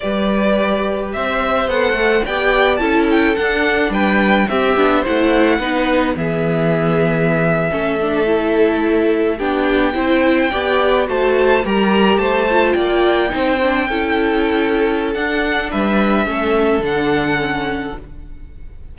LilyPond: <<
  \new Staff \with { instrumentName = "violin" } { \time 4/4 \tempo 4 = 107 d''2 e''4 fis''4 | g''4 a''8 g''8 fis''4 g''4 | e''4 fis''2 e''4~ | e''1~ |
e''8. g''2. a''16~ | a''8. ais''4 a''4 g''4~ g''16~ | g''2. fis''4 | e''2 fis''2 | }
  \new Staff \with { instrumentName = "violin" } { \time 4/4 b'2 c''2 | d''4 a'2 b'4 | g'4 c''4 b'4 gis'4~ | gis'4.~ gis'16 a'2~ a'16~ |
a'8. g'4 c''4 d''4 c''16~ | c''8. ais'4 c''4 d''4 c''16~ | c''8. a'2.~ a'16 | b'4 a'2. | }
  \new Staff \with { instrumentName = "viola" } { \time 4/4 g'2. a'4 | g'4 e'4 d'2 | c'8 d'8 e'4 dis'4 b4~ | b4.~ b16 cis'8 d'8 e'4~ e'16~ |
e'8. d'4 e'4 g'4 fis'16~ | fis'8. g'4. f'4. dis'16~ | dis'16 d'8 e'2~ e'16 d'4~ | d'4 cis'4 d'4 cis'4 | }
  \new Staff \with { instrumentName = "cello" } { \time 4/4 g2 c'4 b8 a8 | b4 cis'4 d'4 g4 | c'8 b8 a4 b4 e4~ | e4.~ e16 a2~ a16~ |
a8. b4 c'4 b4 a16~ | a8. g4 a4 ais4 c'16~ | c'8. cis'2~ cis'16 d'4 | g4 a4 d2 | }
>>